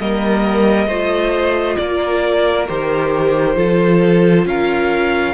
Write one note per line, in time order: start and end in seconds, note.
0.00 0.87 G3
0.00 0.90 A#3
0.00 0.88 A#4
0.00 1.77 D#5
0.87 1.76 A3
0.87 2.68 F4
0.87 1.77 C5
1.77 2.69 A#3
1.77 3.56 A#4
1.77 2.67 D5
2.68 3.56 D#3
2.68 3.57 G4
2.68 4.47 C5
3.56 4.46 F3
3.56 5.35 F4
3.56 4.46 A4
4.46 5.35 C#4
4.46 5.35 A#4
4.46 5.35 F5